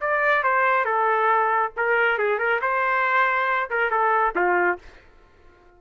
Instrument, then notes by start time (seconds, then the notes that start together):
trumpet
0.00 D5
0.43 C5
0.85 A4
1.76 A#4
2.18 G#4
2.38 A#4
2.61 C5
3.70 A#4
3.90 A4
4.35 F4